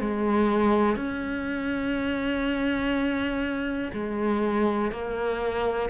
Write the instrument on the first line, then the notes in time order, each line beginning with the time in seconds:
cello
0.00 G#3
0.96 C#4
3.93 G#3
4.92 A#3